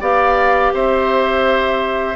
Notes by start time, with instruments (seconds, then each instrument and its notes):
0.00 bassoon B3, clarinet G4, oboe D5, flute F5
0.73 bassoon C4, oboe C5, flute E5